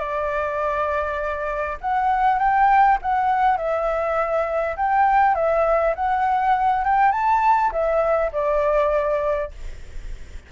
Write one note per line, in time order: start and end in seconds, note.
0.00 1.78 D5
1.81 2.39 F#5
2.39 2.99 G5
3.03 3.58 F#5
3.58 4.77 E5
4.77 5.35 G5
5.35 5.95 E5
5.96 6.85 F#5
6.85 7.12 G5
7.12 7.71 A5
7.72 8.32 E5
8.33 9.52 D5